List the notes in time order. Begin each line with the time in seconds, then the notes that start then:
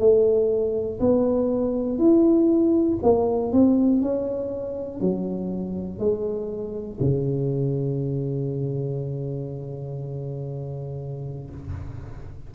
0.00 A3
1.00 B3
1.99 E4
3.03 A#3
3.53 C4
4.02 C#4
5.01 F#3
6.00 G#3
7.01 C#3